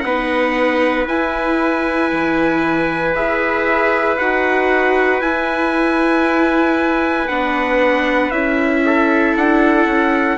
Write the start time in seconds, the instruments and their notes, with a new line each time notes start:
0.00 bassoon B3, viola D#4, trumpet B4 F#5
1.06 bassoon E4, viola E4, trumpet G#5
2.12 bassoon E3
3.14 bassoon E4, viola G#4, trumpet E5
4.17 bassoon D#4, viola F#4, trumpet F#5
5.20 bassoon E4, viola E4, trumpet G#5
7.28 bassoon B3, viola D4, trumpet F#5
8.30 bassoon C#4, viola E4, trumpet E5
8.85 trumpet A4
9.36 bassoon D4, trumpet F#5
9.86 bassoon C#4